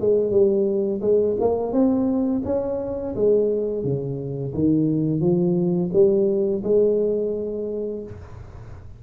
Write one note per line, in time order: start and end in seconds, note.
0.00 0.31 G#3
0.31 1.01 G3
1.01 1.36 G#3
1.40 1.73 A#3
1.73 2.42 C4
2.45 3.15 C#4
3.16 3.84 G#3
3.84 4.53 C#3
4.54 5.20 D#3
5.20 5.90 F3
5.93 6.63 G3
6.64 8.03 G#3